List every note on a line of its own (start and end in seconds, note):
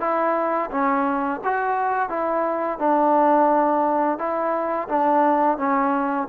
0.00 0.70 E4
0.71 1.40 C#4
1.44 2.09 F#4
2.09 2.79 E4
2.79 4.18 D4
4.18 4.88 E4
4.89 5.58 D4
5.58 6.27 C#4